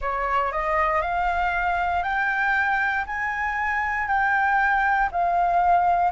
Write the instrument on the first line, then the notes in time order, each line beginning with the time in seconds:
flute
0.00 C#5
0.52 D#5
1.01 F5
2.03 G5
3.06 G#5
4.07 G5
5.11 F5